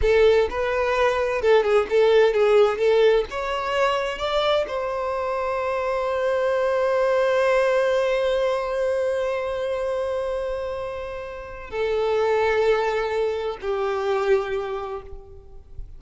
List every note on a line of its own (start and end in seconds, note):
0.01 0.48 A4
0.50 1.41 B4
1.41 1.63 A4
1.63 1.86 G#4
1.89 2.33 A4
2.33 2.77 G#4
2.77 3.24 A4
3.30 4.18 C#5
4.18 4.65 D5
4.67 11.70 C5
11.70 13.57 A4
13.61 15.01 G4